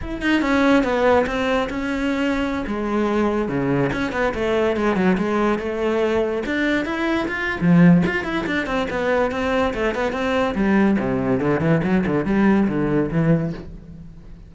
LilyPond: \new Staff \with { instrumentName = "cello" } { \time 4/4 \tempo 4 = 142 e'8 dis'8 cis'4 b4 c'4 | cis'2~ cis'16 gis4.~ gis16~ | gis16 cis4 cis'8 b8 a4 gis8 fis16~ | fis16 gis4 a2 d'8.~ |
d'16 e'4 f'8. f4 f'8 e'8 | d'8 c'8 b4 c'4 a8 b8 | c'4 g4 c4 d8 e8 | fis8 d8 g4 d4 e4 | }